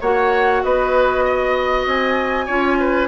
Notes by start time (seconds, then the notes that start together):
0.00 A#3 F#4 C#5 F#5
0.63 B3 B4 D#5
1.24 D#5
1.86 C4 G#5
2.45 C#4 F4 C#5
2.79 B4